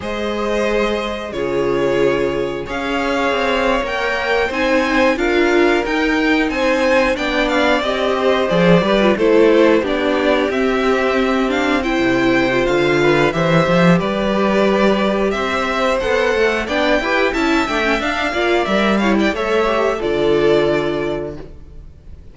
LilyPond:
<<
  \new Staff \with { instrumentName = "violin" } { \time 4/4 \tempo 4 = 90 dis''2 cis''2 | f''4.~ f''16 g''4 gis''4 f''16~ | f''8. g''4 gis''4 g''8 f''8 dis''16~ | dis''8. d''4 c''4 d''4 e''16~ |
e''4~ e''16 f''8 g''4~ g''16 f''4 | e''4 d''2 e''4 | fis''4 g''4 a''8 g''8 f''4 | e''8 f''16 g''16 e''4 d''2 | }
  \new Staff \with { instrumentName = "violin" } { \time 4/4 c''2 gis'2 | cis''2~ cis''8. c''4 ais'16~ | ais'4.~ ais'16 c''4 d''4~ d''16~ | d''16 c''4 b'8 a'4 g'4~ g'16~ |
g'4.~ g'16 c''4.~ c''16 b'8 | c''4 b'2 c''4~ | c''4 d''8 b'8 e''4. d''8~ | d''8 cis''16 d''16 cis''4 a'2 | }
  \new Staff \with { instrumentName = "viola" } { \time 4/4 gis'2 f'2 | gis'4.~ gis'16 ais'4 dis'4 f'16~ | f'8. dis'2 d'4 g'16~ | g'8. gis'8 g'16 f'16 e'4 d'4 c'16~ |
c'4~ c'16 d'8 e'4 f'4~ f'16 | g'1 | a'4 d'8 g'8 e'8 d'16 cis'16 d'8 f'8 | ais'8 e'8 a'8 g'8 f'2 | }
  \new Staff \with { instrumentName = "cello" } { \time 4/4 gis2 cis2 | cis'4 c'8. ais4 c'4 d'16~ | d'8. dis'4 c'4 b4 c'16~ | c'8. f8 g8 a4 b4 c'16~ |
c'2 c4 d4 | e8 f8 g2 c'4 | b8 a8 b8 e'8 cis'8 a8 d'8 ais8 | g4 a4 d2 | }
>>